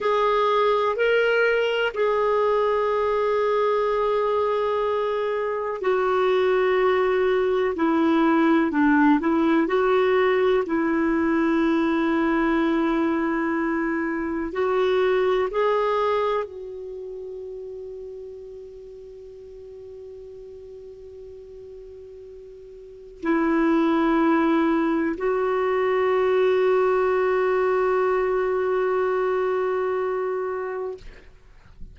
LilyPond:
\new Staff \with { instrumentName = "clarinet" } { \time 4/4 \tempo 4 = 62 gis'4 ais'4 gis'2~ | gis'2 fis'2 | e'4 d'8 e'8 fis'4 e'4~ | e'2. fis'4 |
gis'4 fis'2.~ | fis'1 | e'2 fis'2~ | fis'1 | }